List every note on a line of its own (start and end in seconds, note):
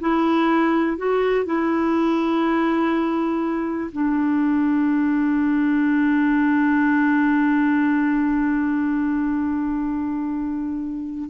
0.00 0.97 E4
0.97 1.45 F#4
1.45 3.91 E4
3.92 11.29 D4